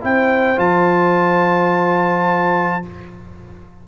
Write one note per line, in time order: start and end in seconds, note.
0.00 0.58 C4
0.00 0.56 E4
0.00 2.87 C5
0.00 0.59 G5
0.56 2.84 F3
0.56 2.82 F4
0.56 2.85 A5